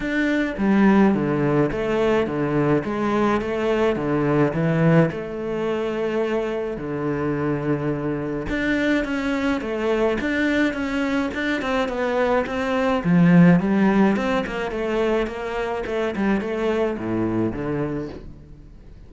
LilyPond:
\new Staff \with { instrumentName = "cello" } { \time 4/4 \tempo 4 = 106 d'4 g4 d4 a4 | d4 gis4 a4 d4 | e4 a2. | d2. d'4 |
cis'4 a4 d'4 cis'4 | d'8 c'8 b4 c'4 f4 | g4 c'8 ais8 a4 ais4 | a8 g8 a4 a,4 d4 | }